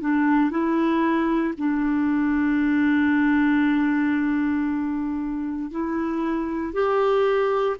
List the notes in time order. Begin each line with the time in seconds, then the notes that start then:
0.00 D4
0.50 E4
1.57 D4
5.70 E4
6.73 G4